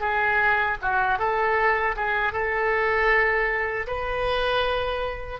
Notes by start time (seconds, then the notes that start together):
0.00 G#4
0.81 F#4
1.18 A4
1.96 G#4
2.32 A4
3.87 B4